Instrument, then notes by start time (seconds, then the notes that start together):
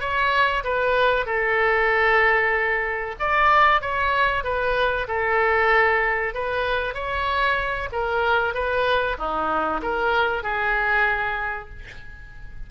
oboe
0.00 C#5
0.63 B4
1.25 A4
3.19 D5
3.81 C#5
4.44 B4
5.07 A4
6.34 B4
6.94 C#5
7.92 A#4
8.54 B4
9.18 D#4
9.82 A#4
10.43 G#4